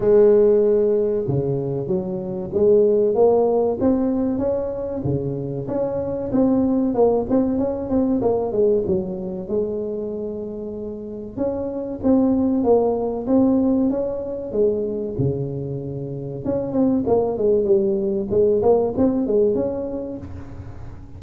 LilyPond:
\new Staff \with { instrumentName = "tuba" } { \time 4/4 \tempo 4 = 95 gis2 cis4 fis4 | gis4 ais4 c'4 cis'4 | cis4 cis'4 c'4 ais8 c'8 | cis'8 c'8 ais8 gis8 fis4 gis4~ |
gis2 cis'4 c'4 | ais4 c'4 cis'4 gis4 | cis2 cis'8 c'8 ais8 gis8 | g4 gis8 ais8 c'8 gis8 cis'4 | }